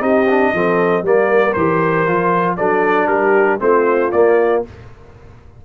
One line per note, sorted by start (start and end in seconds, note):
0.00 0.52 C4
0.00 0.26 D#4
0.00 0.53 G4
0.00 1.05 D#5
0.30 0.55 D4
0.54 1.03 F3
0.54 1.05 C4
0.54 1.05 A4
1.03 1.54 G3
1.03 1.56 A#3
1.03 2.58 A#4
1.03 1.54 D5
1.54 2.08 E3
1.54 2.07 G4
1.54 2.56 C5
2.07 2.59 F3
2.07 2.59 F4
2.57 3.07 F#3
2.57 3.60 D4
2.57 3.09 A4
2.57 3.08 D5
3.07 3.59 G3
3.07 3.62 G4
3.07 3.59 A#4
3.60 4.12 A3
3.60 4.11 C4
3.60 4.66 F4
3.60 4.12 C5
4.12 4.64 A#3
4.12 4.66 A#3
4.12 4.63 D5